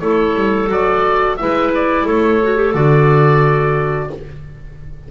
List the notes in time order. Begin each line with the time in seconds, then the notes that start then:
0.00 A3 E4 A4 C#5
0.35 G3
0.68 F#3 F#4 D5
1.37 G#3 E4 B4 E5
1.75 D5
2.05 A3 A4 C#5
2.43 F#4
2.56 G4
2.74 D3 F#4 D5